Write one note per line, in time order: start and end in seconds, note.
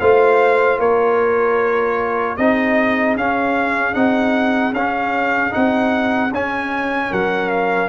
0.00 0.79 A3
0.00 2.38 F4
0.00 0.79 C5
0.00 0.79 F5
0.79 2.37 A#3
0.79 2.37 A#4
0.79 2.36 C#5
2.36 3.16 C4
2.36 3.17 D#4
2.36 7.10 G#4
2.36 3.15 D#5
3.16 3.95 C#4
3.16 3.93 C#4
3.16 3.94 F5
3.93 4.72 C4
3.93 4.72 D#4
3.93 4.73 F#5
4.72 5.51 C#4
4.72 5.50 C#4
4.72 5.52 F5
5.50 6.31 C4
5.50 6.29 D#4
5.50 6.31 F#5
6.31 7.10 C#4
6.31 7.88 C#4
6.31 7.13 G#5
7.10 7.88 F#3
7.10 7.88 A#4
7.10 7.50 F#5
7.50 7.88 F5